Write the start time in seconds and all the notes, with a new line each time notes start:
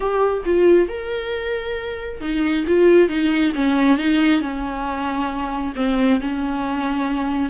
0.00 G4
0.45 F4
0.88 A#4
2.21 D#4
2.67 F4
3.08 D#4
3.55 C#4
3.98 D#4
4.41 C#4
5.75 C4
6.20 C#4